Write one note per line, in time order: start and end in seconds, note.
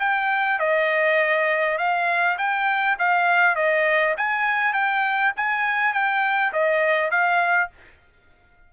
0.00 0.59 G5
0.59 1.78 D#5
1.78 2.38 F5
2.38 2.98 G5
2.99 3.56 F5
3.56 4.15 D#5
4.17 4.73 G#5
4.73 5.33 G5
5.37 5.94 G#5
5.94 6.53 G5
6.53 7.11 D#5
7.11 7.70 F5